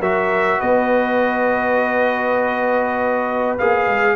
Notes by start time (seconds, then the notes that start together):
0.00 F#3 F#4 A#4 E5
0.60 B3 B4 D#5
3.59 A#3 G#4 F5
3.87 G#3